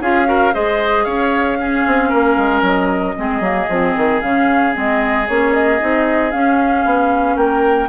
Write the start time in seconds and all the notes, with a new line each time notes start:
0.00 C#4 F4 G#4 F5
0.25 F#4 A#4
0.54 G#3 G#4 C5 D#5
1.04 C#4 C#5 F5
1.59 C#4 G#4
1.86 C4
2.09 A#3 A#4
2.37 G#3
2.61 F#3 D#5
3.16 G#3 C4 G#4
3.40 F#3 A#3
3.69 F3 C4
3.96 D#3
4.21 C#3 C#4 F5
4.73 G#3 C4 D#5
5.27 A#3 C#4 C#5
5.54 D#5
5.79 C4 D#4
6.31 C#4 F5
6.85 B3
7.36 A#3 A#4 G5